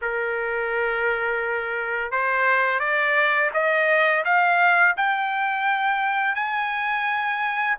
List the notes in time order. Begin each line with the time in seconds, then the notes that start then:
0.01 A#4
2.11 C5
2.79 D5
3.53 D#5
4.24 F5
4.96 G5
6.35 G#5